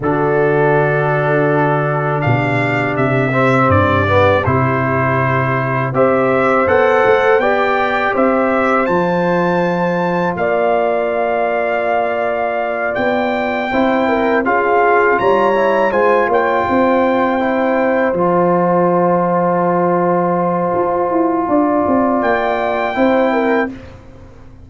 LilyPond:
<<
  \new Staff \with { instrumentName = "trumpet" } { \time 4/4 \tempo 4 = 81 a'2. f''4 | e''4 d''4 c''2 | e''4 fis''4 g''4 e''4 | a''2 f''2~ |
f''4. g''2 f''8~ | f''8 ais''4 gis''8 g''2~ | g''8 a''2.~ a''8~ | a''2 g''2 | }
  \new Staff \with { instrumentName = "horn" } { \time 4/4 fis'2. g'4~ | g'1 | c''2 d''4 c''4~ | c''2 d''2~ |
d''2~ d''8 c''8 ais'8 gis'8~ | gis'8 cis''4 c''8 cis''8 c''4.~ | c''1~ | c''4 d''2 c''8 ais'8 | }
  \new Staff \with { instrumentName = "trombone" } { \time 4/4 d'1~ | d'8 c'4 b8 e'2 | g'4 a'4 g'2 | f'1~ |
f'2~ f'8 e'4 f'8~ | f'4 e'8 f'2 e'8~ | e'8 f'2.~ f'8~ | f'2. e'4 | }
  \new Staff \with { instrumentName = "tuba" } { \time 4/4 d2. b,4 | c4 g,4 c2 | c'4 b8 a8 b4 c'4 | f2 ais2~ |
ais4. b4 c'4 cis'8~ | cis'8 g4 gis8 ais8 c'4.~ | c'8 f2.~ f8 | f'8 e'8 d'8 c'8 ais4 c'4 | }
>>